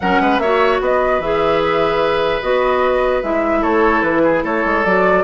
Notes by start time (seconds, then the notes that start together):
0.00 F#3 C#4 A#4 F#5
0.20 G#3 B4
0.38 A#3 F#4 C#5 E5
0.80 B3 B4 D#5
1.19 E3 G#4 E5
2.42 B3 F#4 D#5
3.22 G#3 E4 E5
3.61 A3 A4 C#5
4.02 E3 B4
4.23 G#4
4.43 A3 A4 C#5
4.65 G#3
4.85 F#3 F#4 D5